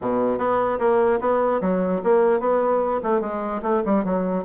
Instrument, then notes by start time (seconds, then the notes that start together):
bassoon
0.01 B2
0.38 B3
0.79 A#3
1.20 B3
1.61 F#3
2.03 A#3
2.40 B3
3.03 A3
3.20 G#3
3.62 A3
3.85 G3
4.04 F#3